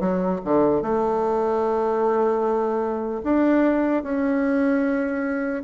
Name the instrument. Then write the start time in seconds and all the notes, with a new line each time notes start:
bassoon
0.00 F#3
0.44 D3
0.82 A3
3.24 D4
4.03 C#4